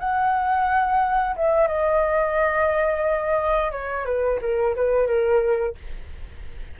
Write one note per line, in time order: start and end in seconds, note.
0.00 1.36 F#5
1.37 1.68 E5
1.68 3.72 D#5
3.72 4.06 C#5
4.06 4.40 B4
4.42 4.76 A#4
4.76 5.07 B4
5.07 5.76 A#4